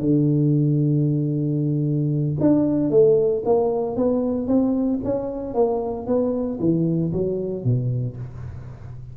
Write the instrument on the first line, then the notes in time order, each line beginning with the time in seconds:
tuba
0.00 D3
2.40 D4
2.90 A3
3.45 A#3
3.97 B3
4.48 C4
5.05 C#4
5.55 A#3
6.07 B3
6.60 E3
7.13 F#3
7.64 B2